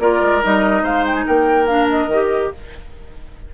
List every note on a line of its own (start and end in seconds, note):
0.00 0.21 A#3
0.00 0.42 F4
0.00 0.83 A#4
0.00 0.43 D5
0.22 0.43 G#3
0.42 0.83 G3
0.42 1.68 D#4
0.42 0.85 D#5
0.83 1.25 G#3
0.83 1.25 C5
0.83 1.06 F5
1.06 1.15 G5
1.15 1.26 G#5
1.26 2.08 A#3
1.26 2.52 A#4
1.26 1.67 G5
1.67 2.10 D4
1.67 1.88 F5
1.90 2.53 D#5
2.08 2.50 D#3
2.08 2.55 G4